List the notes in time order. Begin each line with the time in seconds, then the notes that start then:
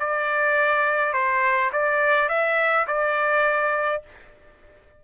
0.00 D5
1.14 C5
1.73 D5
2.29 E5
2.88 D5